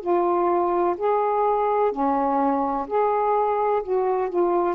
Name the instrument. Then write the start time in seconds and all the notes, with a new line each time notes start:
saxophone
0.00 F4
0.97 G#4
1.91 C#4
2.87 G#4
3.83 F#4
4.29 F4